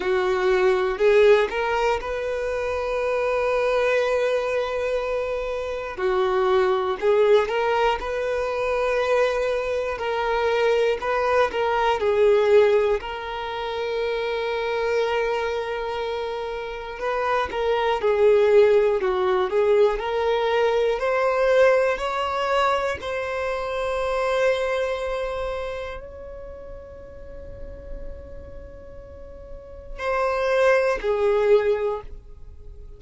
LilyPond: \new Staff \with { instrumentName = "violin" } { \time 4/4 \tempo 4 = 60 fis'4 gis'8 ais'8 b'2~ | b'2 fis'4 gis'8 ais'8 | b'2 ais'4 b'8 ais'8 | gis'4 ais'2.~ |
ais'4 b'8 ais'8 gis'4 fis'8 gis'8 | ais'4 c''4 cis''4 c''4~ | c''2 cis''2~ | cis''2 c''4 gis'4 | }